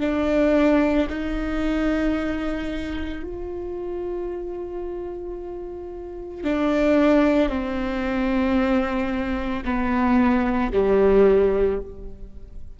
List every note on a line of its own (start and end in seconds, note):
0.00 1.07 D4
1.09 3.23 D#4
3.23 6.44 F4
6.44 7.50 D4
7.50 9.64 C4
9.65 10.72 B3
10.72 11.80 G3